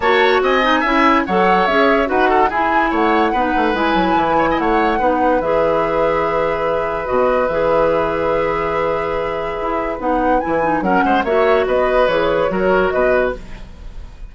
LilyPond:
<<
  \new Staff \with { instrumentName = "flute" } { \time 4/4 \tempo 4 = 144 a''4 gis''2 fis''4 | e''4 fis''4 gis''4 fis''4~ | fis''4 gis''2 fis''4~ | fis''4 e''2.~ |
e''4 dis''4 e''2~ | e''1 | fis''4 gis''4 fis''4 e''4 | dis''4 cis''2 dis''4 | }
  \new Staff \with { instrumentName = "oboe" } { \time 4/4 cis''4 dis''4 e''4 cis''4~ | cis''4 b'8 a'8 gis'4 cis''4 | b'2~ b'8 cis''16 dis''16 cis''4 | b'1~ |
b'1~ | b'1~ | b'2 ais'8 c''8 cis''4 | b'2 ais'4 b'4 | }
  \new Staff \with { instrumentName = "clarinet" } { \time 4/4 fis'4. dis'8 e'4 a'4 | gis'4 fis'4 e'2 | dis'4 e'2. | dis'4 gis'2.~ |
gis'4 fis'4 gis'2~ | gis'1 | dis'4 e'8 dis'8 cis'4 fis'4~ | fis'4 gis'4 fis'2 | }
  \new Staff \with { instrumentName = "bassoon" } { \time 4/4 ais4 c'4 cis'4 fis4 | cis'4 dis'4 e'4 a4 | b8 a8 gis8 fis8 e4 a4 | b4 e2.~ |
e4 b,4 e2~ | e2. e'4 | b4 e4 fis8 gis8 ais4 | b4 e4 fis4 b,4 | }
>>